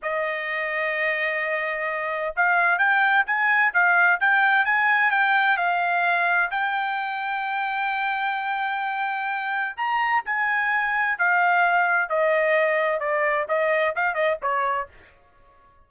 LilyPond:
\new Staff \with { instrumentName = "trumpet" } { \time 4/4 \tempo 4 = 129 dis''1~ | dis''4 f''4 g''4 gis''4 | f''4 g''4 gis''4 g''4 | f''2 g''2~ |
g''1~ | g''4 ais''4 gis''2 | f''2 dis''2 | d''4 dis''4 f''8 dis''8 cis''4 | }